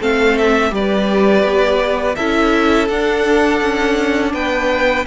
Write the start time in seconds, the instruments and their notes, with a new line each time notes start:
0.00 cello A3, viola C4, violin A4 F5
0.38 violin E5
0.70 cello G3, viola G4, violin B4 D5
1.43 cello B3
2.16 cello C#4, viola E4, violin A4 E5
2.89 cello D4, viola D4, violin F#5
3.62 cello C#4
4.34 cello B3, violin B4 G5